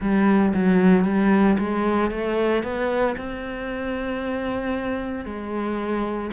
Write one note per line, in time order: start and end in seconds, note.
0.00 0.53 G3
0.54 1.04 F#3
1.04 1.57 G3
1.58 2.11 G#3
2.11 2.63 A3
2.63 3.16 B3
3.17 5.25 C4
5.25 6.30 G#3